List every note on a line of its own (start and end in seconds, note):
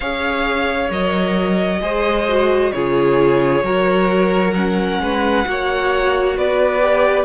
0.00 0.90 C#4
0.00 0.90 G#4
0.00 1.80 C#5
0.00 0.89 F5
0.90 1.80 F#3
0.90 1.80 A#4
0.90 2.72 D#5
1.80 2.71 G#3
1.80 2.26 G#4
1.80 2.73 C5
2.28 2.73 F#4
2.72 3.62 C#3
2.72 3.63 F4
2.72 3.65 G#4
2.72 4.53 C#5
3.62 4.99 F#3
3.62 4.54 F#4
3.62 5.01 A#4
4.55 5.45 C#4
4.55 6.36 F#5
4.99 5.45 G#3
4.99 5.47 B4
5.45 6.37 A#3
5.45 6.80 F#4
5.45 6.37 C#5
6.37 7.25 B3
6.37 7.25 B4
6.37 7.25 D5
6.80 7.25 G4